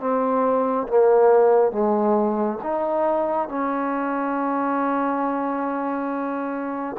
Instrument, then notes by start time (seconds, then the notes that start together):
trombone
0.00 C4
0.88 A#3
1.72 G#3
2.63 D#4
3.48 C#4